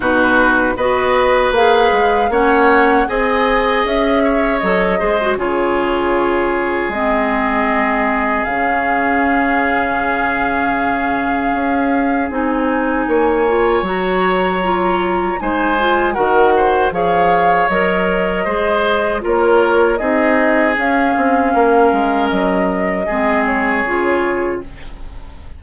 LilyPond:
<<
  \new Staff \with { instrumentName = "flute" } { \time 4/4 \tempo 4 = 78 b'4 dis''4 f''4 fis''4 | gis''4 e''4 dis''4 cis''4~ | cis''4 dis''2 f''4~ | f''1 |
gis''2 ais''2 | gis''4 fis''4 f''4 dis''4~ | dis''4 cis''4 dis''4 f''4~ | f''4 dis''4. cis''4. | }
  \new Staff \with { instrumentName = "oboe" } { \time 4/4 fis'4 b'2 cis''4 | dis''4. cis''4 c''8 gis'4~ | gis'1~ | gis'1~ |
gis'4 cis''2. | c''4 ais'8 c''8 cis''2 | c''4 ais'4 gis'2 | ais'2 gis'2 | }
  \new Staff \with { instrumentName = "clarinet" } { \time 4/4 dis'4 fis'4 gis'4 cis'4 | gis'2 a'8 gis'16 fis'16 f'4~ | f'4 c'2 cis'4~ | cis'1 |
dis'4. f'8 fis'4 f'4 | dis'8 f'8 fis'4 gis'4 ais'4 | gis'4 f'4 dis'4 cis'4~ | cis'2 c'4 f'4 | }
  \new Staff \with { instrumentName = "bassoon" } { \time 4/4 b,4 b4 ais8 gis8 ais4 | c'4 cis'4 fis8 gis8 cis4~ | cis4 gis2 cis4~ | cis2. cis'4 |
c'4 ais4 fis2 | gis4 dis4 f4 fis4 | gis4 ais4 c'4 cis'8 c'8 | ais8 gis8 fis4 gis4 cis4 | }
>>